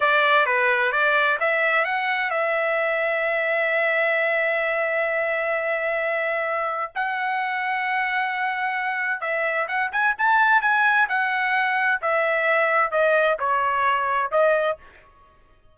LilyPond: \new Staff \with { instrumentName = "trumpet" } { \time 4/4 \tempo 4 = 130 d''4 b'4 d''4 e''4 | fis''4 e''2.~ | e''1~ | e''2. fis''4~ |
fis''1 | e''4 fis''8 gis''8 a''4 gis''4 | fis''2 e''2 | dis''4 cis''2 dis''4 | }